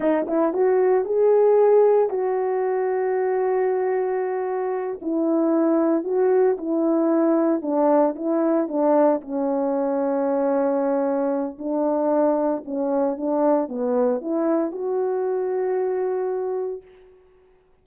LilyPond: \new Staff \with { instrumentName = "horn" } { \time 4/4 \tempo 4 = 114 dis'8 e'8 fis'4 gis'2 | fis'1~ | fis'4. e'2 fis'8~ | fis'8 e'2 d'4 e'8~ |
e'8 d'4 cis'2~ cis'8~ | cis'2 d'2 | cis'4 d'4 b4 e'4 | fis'1 | }